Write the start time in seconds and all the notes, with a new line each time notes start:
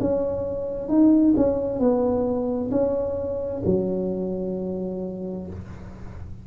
0.00 C#4
0.88 D#4
1.36 C#4
1.79 B3
2.71 C#4
3.65 F#3